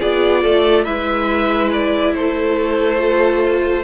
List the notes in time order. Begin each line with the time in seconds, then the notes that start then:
0.00 B3 F4 G#4 D5
0.43 A3 A4
0.84 G#3 E4 B4 E5
1.73 D5
2.14 A3 A4 C5
2.98 F4